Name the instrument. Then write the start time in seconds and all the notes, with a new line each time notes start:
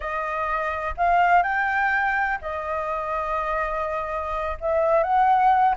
flute
0.00 D#5
0.97 F5
1.43 G5
2.41 D#5
4.60 E5
5.03 F#5